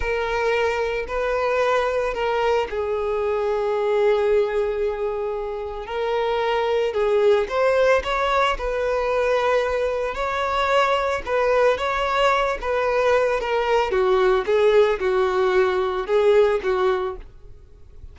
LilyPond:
\new Staff \with { instrumentName = "violin" } { \time 4/4 \tempo 4 = 112 ais'2 b'2 | ais'4 gis'2.~ | gis'2. ais'4~ | ais'4 gis'4 c''4 cis''4 |
b'2. cis''4~ | cis''4 b'4 cis''4. b'8~ | b'4 ais'4 fis'4 gis'4 | fis'2 gis'4 fis'4 | }